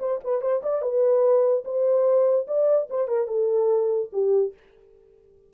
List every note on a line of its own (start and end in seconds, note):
0.00 0.21 C5
0.24 0.42 B4
0.42 0.62 C5
0.64 0.82 D5
0.82 1.64 B4
1.65 2.47 C5
2.48 2.89 D5
2.90 3.08 C5
3.08 3.28 A#4
3.28 4.10 A4
4.13 4.54 G4